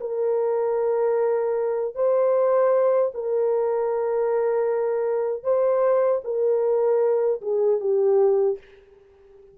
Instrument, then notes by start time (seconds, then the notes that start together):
horn
0.00 A#4
1.95 C5
3.14 A#4
5.43 C5
6.24 A#4
7.41 G#4
7.80 G4